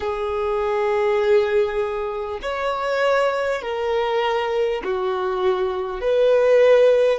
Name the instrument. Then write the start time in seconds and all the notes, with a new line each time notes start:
violin
0.00 G#4
2.42 C#5
3.62 A#4
4.84 F#4
6.00 B4